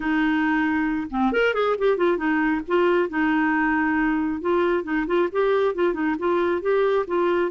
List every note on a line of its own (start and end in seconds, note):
0.00 1.07 D#4
1.10 1.32 C4
1.32 1.53 A#4
1.53 1.75 G#4
1.78 1.97 G4
1.97 2.17 F4
2.17 2.61 D#4
2.67 3.09 F4
3.09 4.41 D#4
4.41 4.83 F4
4.83 5.05 D#4
5.07 5.29 F4
5.32 5.75 G4
5.75 5.93 F4
5.93 6.15 D#4
6.18 6.61 F4
6.61 7.05 G4
7.07 7.51 F4